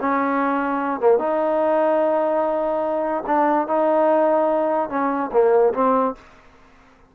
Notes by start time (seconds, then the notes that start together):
0.00 C#4
1.00 A#3
1.18 D#4
3.27 D4
3.67 D#4
4.89 C#4
5.32 A#3
5.74 C4